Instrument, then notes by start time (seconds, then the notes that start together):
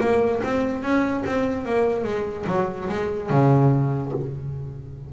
double bass
0.00 A#3
0.43 C4
0.82 C#4
1.26 C4
1.65 A#3
2.04 G#3
2.47 F#3
2.89 G#3
3.30 C#3